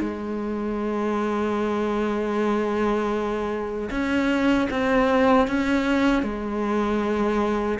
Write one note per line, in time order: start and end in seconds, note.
0.00 3.90 G#3
3.91 4.69 C#4
4.70 5.48 C4
5.48 6.23 C#4
6.23 7.79 G#3